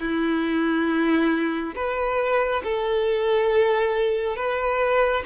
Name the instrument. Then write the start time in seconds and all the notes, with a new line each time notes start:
violin
0.00 E4
1.76 B4
2.64 A4
4.36 B4